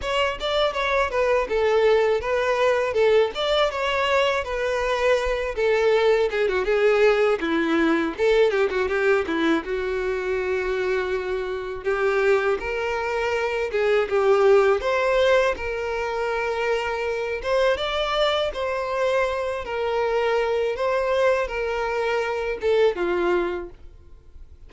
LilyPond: \new Staff \with { instrumentName = "violin" } { \time 4/4 \tempo 4 = 81 cis''8 d''8 cis''8 b'8 a'4 b'4 | a'8 d''8 cis''4 b'4. a'8~ | a'8 gis'16 fis'16 gis'4 e'4 a'8 g'16 fis'16 | g'8 e'8 fis'2. |
g'4 ais'4. gis'8 g'4 | c''4 ais'2~ ais'8 c''8 | d''4 c''4. ais'4. | c''4 ais'4. a'8 f'4 | }